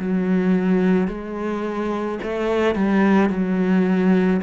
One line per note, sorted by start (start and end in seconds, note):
0.00 1.08 F#3
1.08 2.19 G#3
2.23 2.76 A3
2.76 3.30 G3
3.30 4.41 F#3